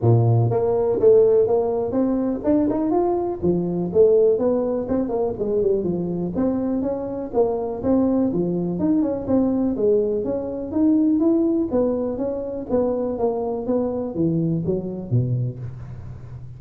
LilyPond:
\new Staff \with { instrumentName = "tuba" } { \time 4/4 \tempo 4 = 123 ais,4 ais4 a4 ais4 | c'4 d'8 dis'8 f'4 f4 | a4 b4 c'8 ais8 gis8 g8 | f4 c'4 cis'4 ais4 |
c'4 f4 dis'8 cis'8 c'4 | gis4 cis'4 dis'4 e'4 | b4 cis'4 b4 ais4 | b4 e4 fis4 b,4 | }